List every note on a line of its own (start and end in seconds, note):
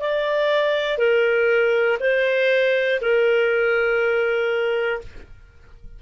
0.00 0.97 D5
0.97 1.97 A#4
2.00 3.00 C5
3.00 5.00 A#4